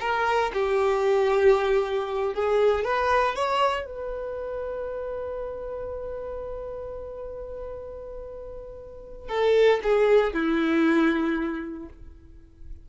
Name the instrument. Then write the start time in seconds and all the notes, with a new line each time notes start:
violin
0.00 A#4
0.53 G4
2.34 G#4
2.84 B4
3.35 C#5
3.86 B4
9.28 A4
9.83 G#4
10.33 E4